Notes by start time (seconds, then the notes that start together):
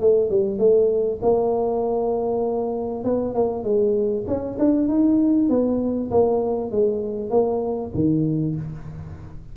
0.00 A3
0.29 G3
0.58 A3
1.22 A#3
3.04 B3
3.34 A#3
3.63 G#3
4.27 C#4
4.58 D4
4.88 D#4
5.49 B3
6.10 A#3
6.71 G#3
7.30 A#3
7.94 D#3